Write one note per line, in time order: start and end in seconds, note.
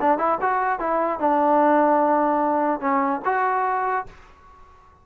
0.00 0.18 D4
0.18 0.38 E4
0.41 0.79 F#4
0.79 1.19 E4
1.19 2.80 D4
2.80 3.20 C#4
3.25 4.06 F#4